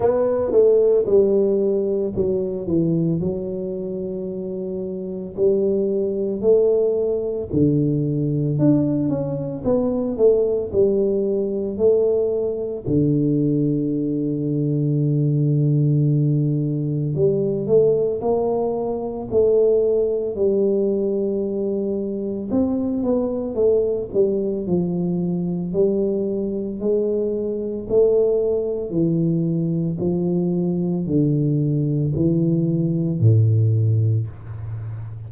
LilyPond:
\new Staff \with { instrumentName = "tuba" } { \time 4/4 \tempo 4 = 56 b8 a8 g4 fis8 e8 fis4~ | fis4 g4 a4 d4 | d'8 cis'8 b8 a8 g4 a4 | d1 |
g8 a8 ais4 a4 g4~ | g4 c'8 b8 a8 g8 f4 | g4 gis4 a4 e4 | f4 d4 e4 a,4 | }